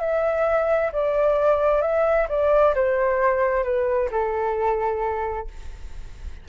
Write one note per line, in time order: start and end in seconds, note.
0.00 0.91 E5
0.93 1.81 D5
1.81 2.27 E5
2.29 2.74 D5
2.75 3.64 C5
3.64 4.09 B4
4.11 5.48 A4